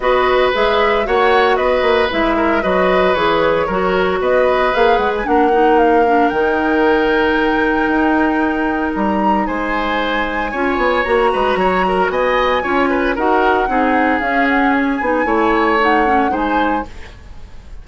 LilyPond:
<<
  \new Staff \with { instrumentName = "flute" } { \time 4/4 \tempo 4 = 114 dis''4 e''4 fis''4 dis''4 | e''4 dis''4 cis''2 | dis''4 f''8 fis''16 gis''16 fis''4 f''4 | g''1~ |
g''4 ais''4 gis''2~ | gis''4 ais''2 gis''4~ | gis''4 fis''2 f''8 fis''8 | gis''2 fis''4 gis''4 | }
  \new Staff \with { instrumentName = "oboe" } { \time 4/4 b'2 cis''4 b'4~ | b'8 ais'8 b'2 ais'4 | b'2 ais'2~ | ais'1~ |
ais'2 c''2 | cis''4. b'8 cis''8 ais'8 dis''4 | cis''8 b'8 ais'4 gis'2~ | gis'4 cis''2 c''4 | }
  \new Staff \with { instrumentName = "clarinet" } { \time 4/4 fis'4 gis'4 fis'2 | e'4 fis'4 gis'4 fis'4~ | fis'4 gis'4 d'8 dis'4 d'8 | dis'1~ |
dis'1 | f'4 fis'2. | f'4 fis'4 dis'4 cis'4~ | cis'8 dis'8 e'4 dis'8 cis'8 dis'4 | }
  \new Staff \with { instrumentName = "bassoon" } { \time 4/4 b4 gis4 ais4 b8 ais8 | gis4 fis4 e4 fis4 | b4 ais8 gis8 ais2 | dis2. dis'4~ |
dis'4 g4 gis2 | cis'8 b8 ais8 gis8 fis4 b4 | cis'4 dis'4 c'4 cis'4~ | cis'8 b8 a2 gis4 | }
>>